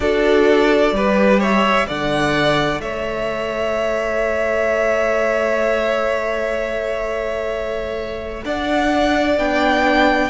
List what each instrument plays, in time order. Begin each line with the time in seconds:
0.00 cello D4, viola F#4, violin A4 D5
0.92 cello G3, viola G4, violin B4
1.39 violin C#5 E5
1.87 cello D3, viola A4, violin D5 F#5
2.79 cello A3, violin C#5 E5
8.44 cello D4, violin D5 F#5
9.38 cello B3, viola D4, violin G5